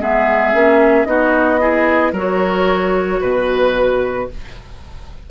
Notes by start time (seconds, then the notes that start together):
0.00 G#3 B3 G#4 E5
0.53 A#3 C#4
1.05 B3 D#4 F#4 D#5
1.59 E4 G#4
2.12 F#3 F#4 A#4 C#5
3.20 B2 B4